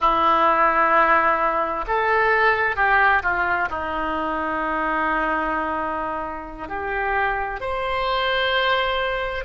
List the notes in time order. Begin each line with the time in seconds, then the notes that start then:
0.00 E4
1.87 A4
2.76 G4
3.22 F4
3.69 D#4
6.68 G4
7.60 C5